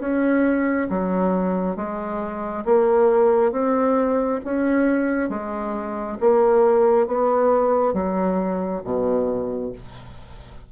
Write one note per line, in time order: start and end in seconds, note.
0.00 0.88 C#4
0.90 1.76 F#3
1.76 2.65 G#3
2.66 3.53 A#3
3.53 4.41 C4
4.45 5.30 C#4
5.30 6.18 G#3
6.20 7.07 A#3
7.07 7.94 B3
7.94 8.82 F#3
8.84 9.73 B2